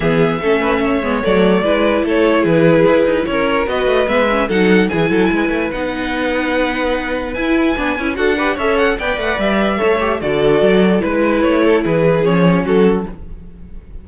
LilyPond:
<<
  \new Staff \with { instrumentName = "violin" } { \time 4/4 \tempo 4 = 147 e''2. d''4~ | d''4 cis''4 b'2 | cis''4 dis''4 e''4 fis''4 | gis''2 fis''2~ |
fis''2 gis''2 | fis''4 e''8 fis''8 g''8 fis''8 e''4~ | e''4 d''2 b'4 | cis''4 b'4 cis''4 a'4 | }
  \new Staff \with { instrumentName = "violin" } { \time 4/4 gis'4 a'8 b'8 cis''2 | b'4 a'4 gis'2 | ais'4 b'2 a'4 | gis'8 a'8 b'2.~ |
b'1 | a'8 b'8 cis''4 d''2 | cis''4 a'2 b'4~ | b'8 a'8 gis'2 fis'4 | }
  \new Staff \with { instrumentName = "viola" } { \time 4/4 b4 cis'4. b8 a4 | e'1~ | e'4 fis'4 b8 cis'8 dis'4 | e'2 dis'2~ |
dis'2 e'4 d'8 e'8 | fis'8 g'8 a'4 b'2 | a'8 g'8 fis'2 e'4~ | e'2 cis'2 | }
  \new Staff \with { instrumentName = "cello" } { \time 4/4 e4 a4. gis8 fis4 | gis4 a4 e4 e'8 dis'8 | cis'4 b8 a8 gis4 fis4 | e8 fis8 gis8 a8 b2~ |
b2 e'4 b8 cis'8 | d'4 cis'4 b8 a8 g4 | a4 d4 fis4 gis4 | a4 e4 f4 fis4 | }
>>